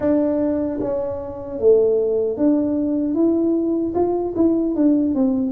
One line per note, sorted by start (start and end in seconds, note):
0.00 0.79 D4
0.80 1.59 C#4
1.59 2.37 A3
2.37 3.14 D4
3.14 3.93 E4
3.95 4.34 F4
4.36 4.75 E4
4.75 5.14 D4
5.15 5.52 C4